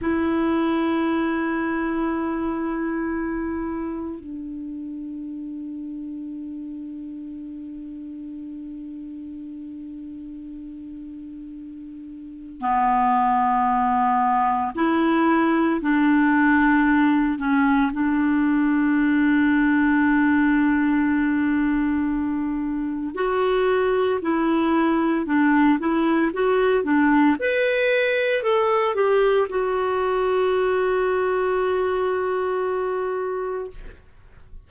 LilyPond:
\new Staff \with { instrumentName = "clarinet" } { \time 4/4 \tempo 4 = 57 e'1 | d'1~ | d'1 | b2 e'4 d'4~ |
d'8 cis'8 d'2.~ | d'2 fis'4 e'4 | d'8 e'8 fis'8 d'8 b'4 a'8 g'8 | fis'1 | }